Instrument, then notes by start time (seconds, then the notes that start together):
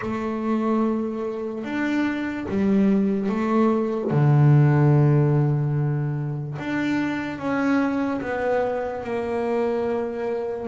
double bass
0.01 A3
1.64 D4
2.48 G3
3.29 A3
4.11 D3
6.58 D4
7.38 C#4
8.21 B3
9.03 A#3